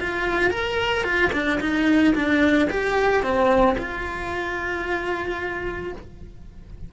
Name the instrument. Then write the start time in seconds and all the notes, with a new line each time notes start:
cello
0.00 F4
0.50 A#4
1.04 F4
1.32 D4
1.60 D#4
2.15 D4
2.70 G4
3.23 C4
3.78 F4